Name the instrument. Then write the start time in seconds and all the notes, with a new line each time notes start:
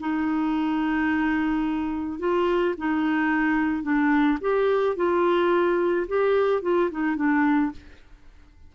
clarinet
0.00 D#4
2.19 F4
2.78 D#4
3.83 D4
4.41 G4
4.96 F4
6.08 G4
6.62 F4
6.91 D#4
7.16 D4